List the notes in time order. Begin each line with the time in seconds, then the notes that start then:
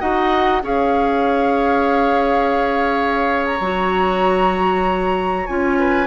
0.00 D#4 F#4 D#5 F#5
0.63 C#4 G#4 C#5 F5
3.46 A#5
3.60 F#3 F#4
5.47 C#4 F4 G#5
5.79 B4